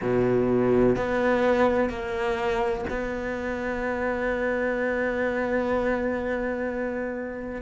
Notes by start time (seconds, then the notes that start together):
0.01 B2
0.96 B3
1.89 A#3
2.89 B3